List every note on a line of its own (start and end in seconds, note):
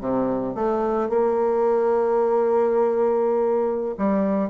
0.00 0.55 C3
0.55 1.09 A3
1.09 3.95 A#3
3.97 4.50 G3